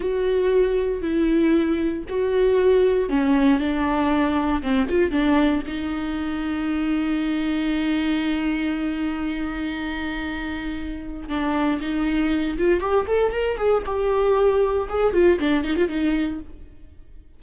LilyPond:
\new Staff \with { instrumentName = "viola" } { \time 4/4 \tempo 4 = 117 fis'2 e'2 | fis'2 cis'4 d'4~ | d'4 c'8 f'8 d'4 dis'4~ | dis'1~ |
dis'1~ | dis'2 d'4 dis'4~ | dis'8 f'8 g'8 a'8 ais'8 gis'8 g'4~ | g'4 gis'8 f'8 d'8 dis'16 f'16 dis'4 | }